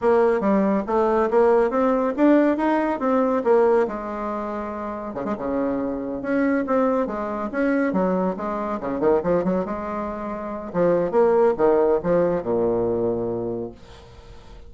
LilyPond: \new Staff \with { instrumentName = "bassoon" } { \time 4/4 \tempo 4 = 140 ais4 g4 a4 ais4 | c'4 d'4 dis'4 c'4 | ais4 gis2. | cis16 gis16 cis2 cis'4 c'8~ |
c'8 gis4 cis'4 fis4 gis8~ | gis8 cis8 dis8 f8 fis8 gis4.~ | gis4 f4 ais4 dis4 | f4 ais,2. | }